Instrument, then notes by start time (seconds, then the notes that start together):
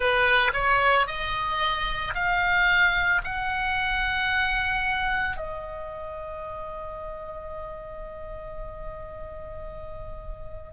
oboe
0.00 B4
0.53 C#5
1.07 D#5
2.14 F5
3.23 F#5
5.36 D#5